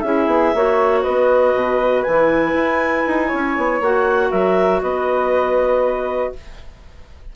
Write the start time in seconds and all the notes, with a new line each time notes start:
0.00 C#4 E4 G#4 E5
0.26 B3
0.54 A#3 F#4 C#5
1.02 B3 B4 D#5
1.54 B2
2.03 E3 E4 G#5
2.54 E4
3.07 D#4
3.27 C#4 C#5
3.57 B3
3.80 A#3 F#4 F#5
4.30 F#3 A#4 E5
4.81 B3 B4 D#5